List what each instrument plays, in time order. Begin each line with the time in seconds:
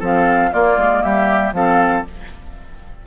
0.00 bassoon F3, clarinet C4, oboe A4, flute F5
0.53 clarinet A#3, bassoon A#3, oboe F4, flute D5
0.77 bassoon G#3
1.03 bassoon G3, oboe G4, flute E5
1.53 bassoon F3, clarinet C4, oboe A4, flute F5